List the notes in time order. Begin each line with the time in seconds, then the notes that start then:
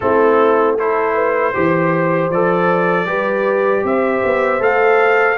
0.00 A3 C4 E4 A4
0.78 E4 A4 C5
1.14 B4
1.54 E3 G4 C5
2.29 F3 A4 D5
3.05 G3 G4 B4
3.83 C4 C5 E5
4.24 B3
4.59 A3 A4 F5